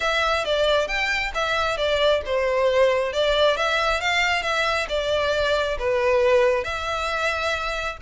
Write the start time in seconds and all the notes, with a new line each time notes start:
0.00 E5
0.44 D5
0.87 G5
1.34 E5
1.77 D5
2.25 C5
3.13 D5
3.57 E5
4.01 F5
4.42 E5
4.88 D5
5.78 B4
6.63 E5